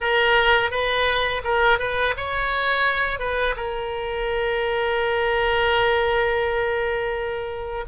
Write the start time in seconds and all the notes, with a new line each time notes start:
0.00 A#4
0.70 B4
1.44 A#4
1.79 B4
2.17 C#5
3.19 B4
3.56 A#4